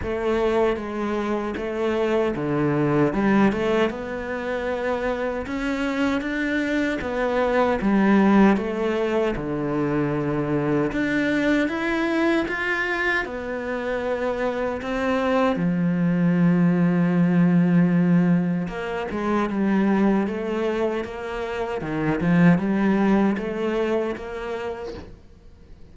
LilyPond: \new Staff \with { instrumentName = "cello" } { \time 4/4 \tempo 4 = 77 a4 gis4 a4 d4 | g8 a8 b2 cis'4 | d'4 b4 g4 a4 | d2 d'4 e'4 |
f'4 b2 c'4 | f1 | ais8 gis8 g4 a4 ais4 | dis8 f8 g4 a4 ais4 | }